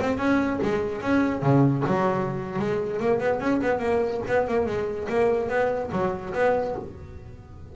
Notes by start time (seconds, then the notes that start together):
0.00 C4
0.18 C#4
0.62 G#3
1.01 C#4
1.42 C#3
1.87 F#3
2.59 G#3
2.99 A#3
3.20 B3
3.40 C#4
3.62 B3
3.79 A#3
4.27 B3
4.47 A#3
4.66 G#3
5.09 A#3
5.49 B3
5.91 F#3
6.34 B3